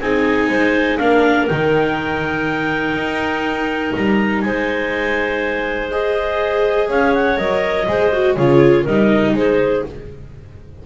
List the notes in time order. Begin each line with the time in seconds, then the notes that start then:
0.00 C4 D#4 G#4 G#5
0.49 G#3 C5
0.98 A#3 D4 A#4 F5
1.48 D#3 D#4 G5
2.94 D#4
3.95 G3 A#5
4.41 G#3 C5 G#5
5.91 G#4 D#5
6.89 C#4 C#5 F5
7.14 F#5
7.37 F#3 A#4 D#5
7.88 G#3 G#4 C5
8.13 F#4
8.35 C#3 F4 G#4 C#5
8.82 G3 D#4 A#4 D#5
9.33 G#3 G#4 C5